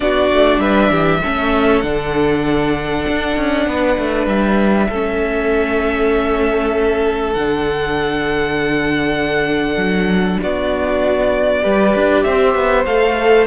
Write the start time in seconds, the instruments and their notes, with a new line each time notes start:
0.00 cello B3, viola D4, violin F#4 D5
0.32 cello A3
0.59 cello G3, violin B4 E5
0.90 cello E3, violin G4
1.23 cello A3, viola C#4, violin A4
1.81 cello D3, viola D4, violin F#5
3.07 cello D4
3.36 cello C#4
3.66 cello B3, violin B4
3.97 cello A3
4.26 cello G3, violin E5
4.89 cello A3, viola C#4, violin A4
7.33 cello D3, viola D4, violin F#5
9.76 cello F#3
10.41 cello B3, violin F#4 D5
11.61 cello G3, viola G4, violin B4
11.95 cello D4
12.23 cello C4, violin C5 E5
12.55 cello B3
12.85 cello A3, viola A4, violin F5